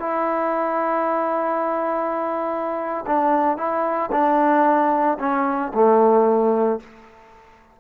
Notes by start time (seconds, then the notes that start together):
0.00 E4
3.07 D4
3.57 E4
4.12 D4
5.20 C#4
5.74 A3